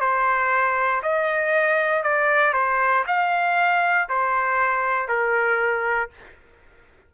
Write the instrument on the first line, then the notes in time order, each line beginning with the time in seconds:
trumpet
0.00 C5
1.03 D#5
2.03 D5
2.53 C5
3.07 F5
4.09 C5
5.08 A#4